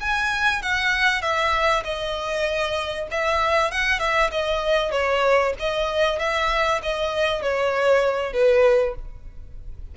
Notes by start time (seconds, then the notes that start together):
0.00 G#5
0.62 F#5
1.21 E5
1.84 D#5
3.11 E5
3.71 F#5
3.99 E5
4.31 D#5
4.91 C#5
5.60 D#5
6.19 E5
6.82 D#5
7.42 C#5
8.33 B4